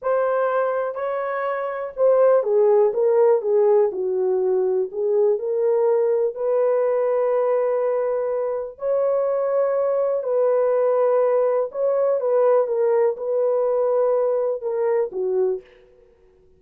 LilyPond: \new Staff \with { instrumentName = "horn" } { \time 4/4 \tempo 4 = 123 c''2 cis''2 | c''4 gis'4 ais'4 gis'4 | fis'2 gis'4 ais'4~ | ais'4 b'2.~ |
b'2 cis''2~ | cis''4 b'2. | cis''4 b'4 ais'4 b'4~ | b'2 ais'4 fis'4 | }